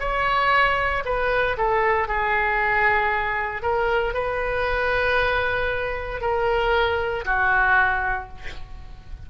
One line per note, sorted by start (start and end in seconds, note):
0.00 1.03 C#5
1.05 1.57 B4
1.57 2.08 A4
2.08 3.62 G#4
3.62 4.14 A#4
4.14 6.21 B4
6.21 7.24 A#4
7.25 8.29 F#4